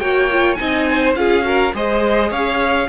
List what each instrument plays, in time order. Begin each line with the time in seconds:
0.00 cello A#3, viola F#4, violin C#5 G5
0.32 viola F4
0.55 cello C4, viola D#4, violin D#5 G#5
0.91 violin C5
1.16 cello C#4, viola F4, violin G#4 F5
1.42 viola F#4, violin A#4
1.74 cello G#3, viola G#4, violin C5 D#5
2.30 cello C#4, violin C#5 F5